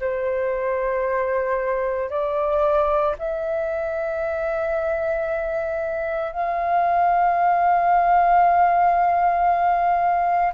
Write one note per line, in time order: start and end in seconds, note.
0.00 2.10 C5
2.10 3.15 D5
3.18 6.32 E5
6.32 10.53 F5